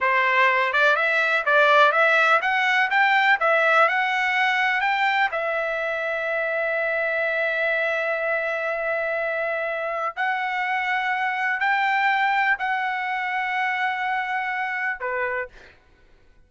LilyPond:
\new Staff \with { instrumentName = "trumpet" } { \time 4/4 \tempo 4 = 124 c''4. d''8 e''4 d''4 | e''4 fis''4 g''4 e''4 | fis''2 g''4 e''4~ | e''1~ |
e''1~ | e''4 fis''2. | g''2 fis''2~ | fis''2. b'4 | }